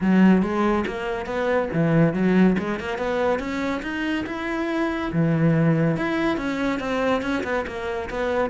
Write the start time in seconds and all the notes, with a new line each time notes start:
0.00 F#3
0.42 G#3
0.86 A#3
1.26 B3
1.73 E3
2.13 F#3
2.58 G#3
2.79 A#3
2.97 B3
3.39 C#4
3.82 D#4
4.26 E4
5.12 E3
5.97 E4
6.37 C#4
6.79 C4
7.22 C#4
7.43 B3
7.66 A#3
8.09 B3